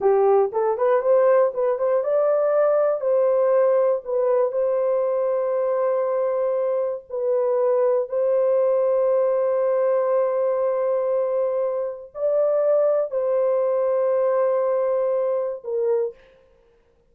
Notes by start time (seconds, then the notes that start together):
0.00 G4
0.52 A4
0.77 B4
1.01 C5
1.54 B4
1.78 C5
2.03 D5
3.00 C5
4.04 B4
4.52 C5
7.09 B4
8.08 C5
12.14 D5
13.10 C5
15.64 A#4